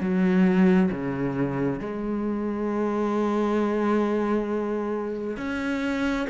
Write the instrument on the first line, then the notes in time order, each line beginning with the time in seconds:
cello
0.00 F#3
0.91 C#3
1.80 G#3
5.37 C#4